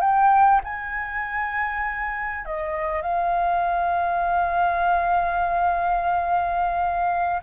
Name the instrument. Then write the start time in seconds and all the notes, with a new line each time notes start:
flute
0.00 G5
0.64 G#5
2.45 D#5
3.02 F5